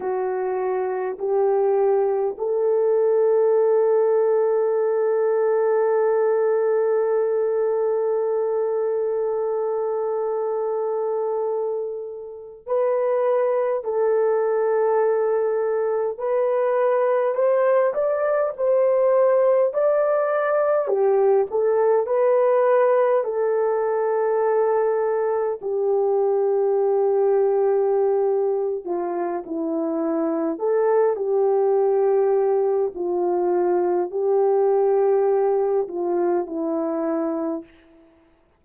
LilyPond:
\new Staff \with { instrumentName = "horn" } { \time 4/4 \tempo 4 = 51 fis'4 g'4 a'2~ | a'1~ | a'2~ a'8. b'4 a'16~ | a'4.~ a'16 b'4 c''8 d''8 c''16~ |
c''8. d''4 g'8 a'8 b'4 a'16~ | a'4.~ a'16 g'2~ g'16~ | g'8 f'8 e'4 a'8 g'4. | f'4 g'4. f'8 e'4 | }